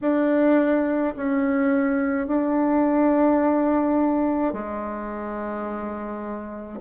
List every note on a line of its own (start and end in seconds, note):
0.01 1.14 D4
1.16 2.26 C#4
2.26 4.53 D4
4.53 6.79 G#3